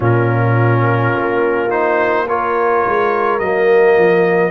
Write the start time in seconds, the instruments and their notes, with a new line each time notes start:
0.00 tuba A#2, trombone C#4, horn F4, trumpet A#4
1.15 tuba A#3
1.70 trombone D#4, trumpet C5
2.28 trombone F4, horn A#4, trumpet C#5
2.86 tuba G#3
3.39 tuba F#3, trombone A#3, trumpet D#5
3.96 tuba F3